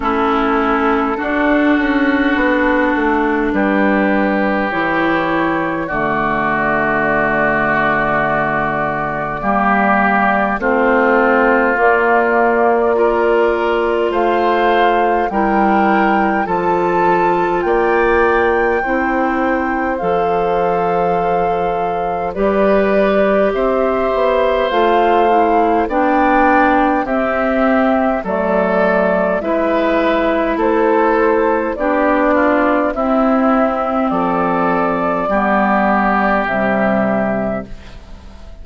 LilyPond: <<
  \new Staff \with { instrumentName = "flute" } { \time 4/4 \tempo 4 = 51 a'2. b'4 | cis''4 d''2.~ | d''4 c''4 d''2 | f''4 g''4 a''4 g''4~ |
g''4 f''2 d''4 | e''4 f''4 g''4 e''4 | d''4 e''4 c''4 d''4 | e''4 d''2 e''4 | }
  \new Staff \with { instrumentName = "oboe" } { \time 4/4 e'4 fis'2 g'4~ | g'4 fis'2. | g'4 f'2 ais'4 | c''4 ais'4 a'4 d''4 |
c''2. b'4 | c''2 d''4 g'4 | a'4 b'4 a'4 g'8 f'8 | e'4 a'4 g'2 | }
  \new Staff \with { instrumentName = "clarinet" } { \time 4/4 cis'4 d'2. | e'4 a2. | ais4 c'4 ais4 f'4~ | f'4 e'4 f'2 |
e'4 a'2 g'4~ | g'4 f'8 e'8 d'4 c'4 | a4 e'2 d'4 | c'2 b4 g4 | }
  \new Staff \with { instrumentName = "bassoon" } { \time 4/4 a4 d'8 cis'8 b8 a8 g4 | e4 d2. | g4 a4 ais2 | a4 g4 f4 ais4 |
c'4 f2 g4 | c'8 b8 a4 b4 c'4 | fis4 gis4 a4 b4 | c'4 f4 g4 c4 | }
>>